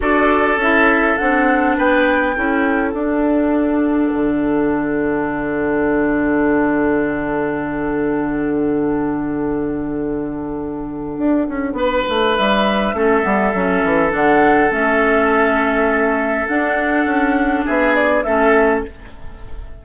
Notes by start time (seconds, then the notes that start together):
0.00 D4 F#4 A4 D5
0.56 C#4 E4 E5
1.17 C4 D4 F#5
1.77 B3 B4 G5
2.35 C#4 E4 A4
2.90 D4 F#5
4.13 D3
11.17 D4
11.48 C#4
11.73 B3 B4
12.08 A3
12.36 G3 E5
12.93 A3 C#4 A4
13.22 G3 B3
13.53 F#3 C#4
13.84 E3
14.10 D3 D4 F#5
14.70 A3 C#4 E5
16.47 D4 F#5
17.05 C#4
17.65 B3 G#4 E5
17.94 D5
18.23 A3 C#4 A4 E5